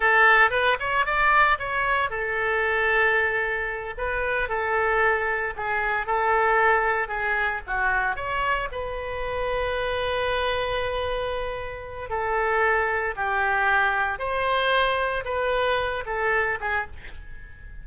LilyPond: \new Staff \with { instrumentName = "oboe" } { \time 4/4 \tempo 4 = 114 a'4 b'8 cis''8 d''4 cis''4 | a'2.~ a'8 b'8~ | b'8 a'2 gis'4 a'8~ | a'4. gis'4 fis'4 cis''8~ |
cis''8 b'2.~ b'8~ | b'2. a'4~ | a'4 g'2 c''4~ | c''4 b'4. a'4 gis'8 | }